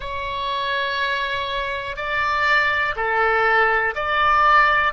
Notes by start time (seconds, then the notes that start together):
0.00 C#5
1.96 D5
2.96 A4
3.95 D5